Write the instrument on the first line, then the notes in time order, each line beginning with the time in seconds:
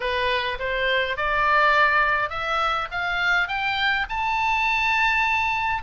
oboe
0.00 B4
0.59 C5
1.17 D5
2.29 E5
2.91 F5
3.48 G5
4.09 A5